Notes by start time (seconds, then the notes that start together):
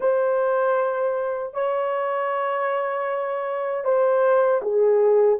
0.00 C5
1.53 C#5
3.84 C5
4.62 G#4